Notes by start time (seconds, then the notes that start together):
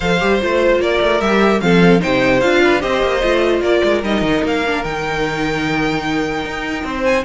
0.00 F3 A4 C5 F5
0.20 G3 G4
0.40 A3 F4 C5
0.78 A#3 A#4 D5
1.01 A3
1.21 G3 G4 E5
1.60 F3 C4 A4 F5
1.99 C3 D#4 C5 G5
2.40 D4 F4 F5
2.63 B4
2.80 C4 G4 C5 D#5
3.02 A#3
3.22 A3 F4
3.61 A#3 A#4 D5
3.83 G#3
4.03 G3 D#4 D#5
4.21 D#3
4.43 A#3 F5
4.66 D4
4.83 D#3 D#4 G5
6.44 D#4
6.84 C4 C5
7.04 G#5